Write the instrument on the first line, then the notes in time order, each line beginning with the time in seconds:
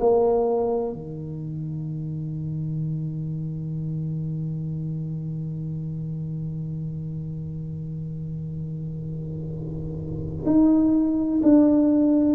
tuba
0.00 A#3
0.93 D#3
10.46 D#4
11.42 D4